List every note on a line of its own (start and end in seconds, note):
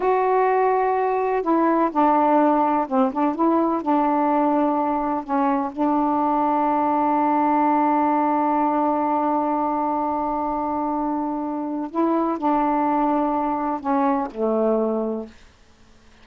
0.00 1.42 F#4
1.42 1.90 E4
1.92 2.87 D4
2.88 3.12 C4
3.12 3.35 D4
3.35 3.82 E4
3.82 5.24 D4
5.24 5.71 C#4
5.72 11.90 D4
11.90 12.37 E4
12.37 13.80 D4
13.80 14.28 C#4
14.31 15.26 A3